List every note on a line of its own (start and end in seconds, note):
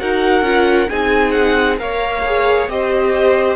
0.00 0.42 D#4
0.00 0.43 F#4
0.00 0.90 A#4
0.00 0.90 F#5
0.42 0.87 C#4
0.42 0.88 F4
0.90 1.81 C4
0.90 1.78 D#4
0.90 1.80 G#4
0.90 1.32 G#5
1.32 1.76 F#5
1.78 2.68 A#3
1.78 2.23 A#4
1.78 2.72 C#5
1.78 2.69 F5
2.26 2.69 G#4
2.68 3.57 C4
2.68 3.57 G4
2.68 3.57 C5
2.68 3.57 D#5